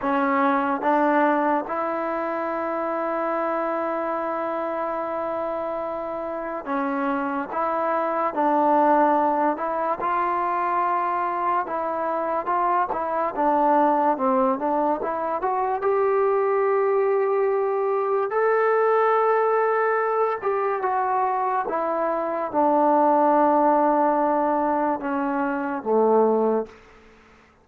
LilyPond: \new Staff \with { instrumentName = "trombone" } { \time 4/4 \tempo 4 = 72 cis'4 d'4 e'2~ | e'1 | cis'4 e'4 d'4. e'8 | f'2 e'4 f'8 e'8 |
d'4 c'8 d'8 e'8 fis'8 g'4~ | g'2 a'2~ | a'8 g'8 fis'4 e'4 d'4~ | d'2 cis'4 a4 | }